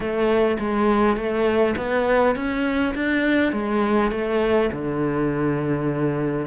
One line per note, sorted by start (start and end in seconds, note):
0.00 0.57 A3
0.59 1.16 G#3
1.16 1.75 A3
1.76 2.35 B3
2.35 2.94 C#4
2.94 3.52 D4
3.52 4.11 G#3
4.11 4.70 A3
4.72 6.46 D3